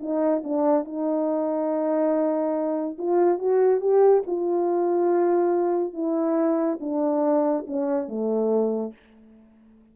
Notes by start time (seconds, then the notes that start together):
0.00 D#4
0.44 D4
0.85 D#4
2.98 F4
3.39 F#4
3.80 G4
4.27 F4
5.93 E4
6.80 D4
7.67 C#4
8.08 A3